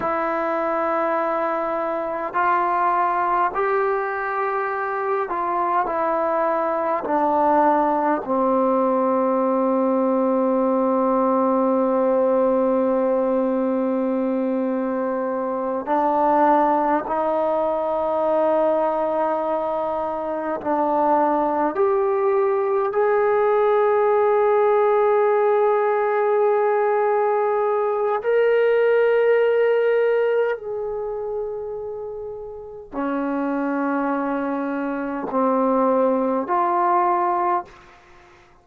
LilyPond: \new Staff \with { instrumentName = "trombone" } { \time 4/4 \tempo 4 = 51 e'2 f'4 g'4~ | g'8 f'8 e'4 d'4 c'4~ | c'1~ | c'4. d'4 dis'4.~ |
dis'4. d'4 g'4 gis'8~ | gis'1 | ais'2 gis'2 | cis'2 c'4 f'4 | }